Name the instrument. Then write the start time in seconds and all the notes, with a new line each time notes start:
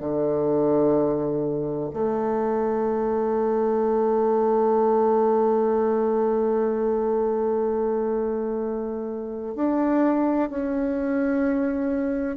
bassoon
0.00 D3
1.94 A3
9.55 D4
10.49 C#4